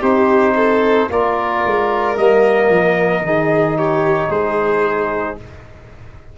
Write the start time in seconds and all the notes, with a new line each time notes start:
0.00 C4 D#4 G4 C5
0.55 A4
1.10 A#3 F4 A#4 D5
1.65 G#3
2.16 G3 A#3 D#5
2.69 F3
3.21 D#3 D#4 G#4
3.77 G4 C#5
4.29 G#3 G#4 C5